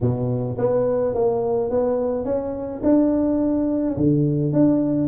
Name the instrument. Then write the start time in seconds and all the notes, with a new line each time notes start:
tuba
0.00 B2
0.58 B3
1.14 A#3
1.70 B3
2.24 C#4
2.83 D4
3.96 D3
4.53 D4